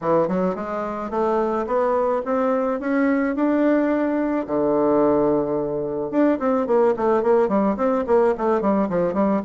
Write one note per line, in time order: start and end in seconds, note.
0.01 0.28 E3
0.28 0.55 F#3
0.55 1.10 G#3
1.10 1.66 A3
1.66 2.22 B3
2.25 2.80 C4
2.80 3.35 C#4
3.35 4.46 D4
4.46 6.10 D3
6.10 6.38 D4
6.39 6.66 C4
6.66 6.94 A#3
6.96 7.22 A3
7.22 7.48 A#3
7.48 7.76 G3
7.76 8.04 C4
8.06 8.34 A#3
8.37 8.61 A3
8.61 8.89 G3
8.89 9.13 F3
9.13 9.41 G3